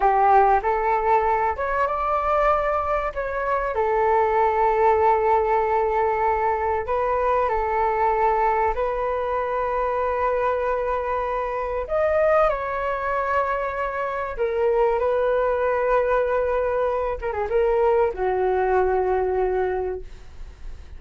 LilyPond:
\new Staff \with { instrumentName = "flute" } { \time 4/4 \tempo 4 = 96 g'4 a'4. cis''8 d''4~ | d''4 cis''4 a'2~ | a'2. b'4 | a'2 b'2~ |
b'2. dis''4 | cis''2. ais'4 | b'2.~ b'8 ais'16 gis'16 | ais'4 fis'2. | }